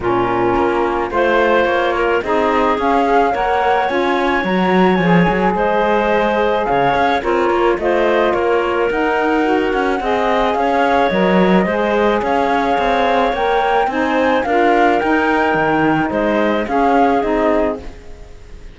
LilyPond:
<<
  \new Staff \with { instrumentName = "flute" } { \time 4/4 \tempo 4 = 108 ais'2 c''4 cis''4 | dis''4 f''4 fis''4 gis''4 | ais''4 gis''4 dis''2 | f''4 cis''4 dis''4 cis''4 |
fis''2. f''4 | dis''2 f''2 | g''4 gis''4 f''4 g''4~ | g''4 dis''4 f''4 dis''4 | }
  \new Staff \with { instrumentName = "clarinet" } { \time 4/4 f'2 c''4. ais'8 | gis'2 cis''2~ | cis''2 c''2 | cis''4 f'4 c''4 ais'4~ |
ais'2 dis''4 cis''4~ | cis''4 c''4 cis''2~ | cis''4 c''4 ais'2~ | ais'4 c''4 gis'2 | }
  \new Staff \with { instrumentName = "saxophone" } { \time 4/4 cis'2 f'2 | dis'4 cis'8 gis'8 ais'4 f'4 | fis'4 gis'2.~ | gis'4 ais'4 f'2 |
dis'4 fis'4 gis'2 | ais'4 gis'2. | ais'4 dis'4 f'4 dis'4~ | dis'2 cis'4 dis'4 | }
  \new Staff \with { instrumentName = "cello" } { \time 4/4 ais,4 ais4 a4 ais4 | c'4 cis'4 ais4 cis'4 | fis4 f8 fis8 gis2 | cis8 cis'8 c'8 ais8 a4 ais4 |
dis'4. cis'8 c'4 cis'4 | fis4 gis4 cis'4 c'4 | ais4 c'4 d'4 dis'4 | dis4 gis4 cis'4 c'4 | }
>>